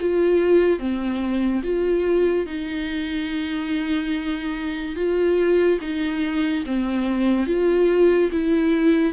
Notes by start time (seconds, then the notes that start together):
0.00 F4
0.79 C4
1.63 F4
2.46 D#4
4.95 F4
5.81 D#4
6.66 C4
7.47 F4
8.32 E4